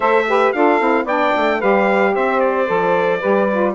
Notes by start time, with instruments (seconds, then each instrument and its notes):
0.00 bassoon A3, saxophone A4 C5, trumpet E5
0.27 saxophone G4 B4
0.52 bassoon D4, saxophone F4 A4, trumpet F5
0.79 bassoon C4, saxophone E4
1.04 bassoon B3, saxophone D4 D5, trumpet G5
1.36 bassoon A3
1.59 bassoon G3, saxophone G4 B4, trumpet F5
2.14 bassoon C4, saxophone C5, trumpet E5
2.40 trumpet D5
2.66 bassoon F3, saxophone A4
3.19 bassoon G3, saxophone G4 B4
3.51 saxophone F4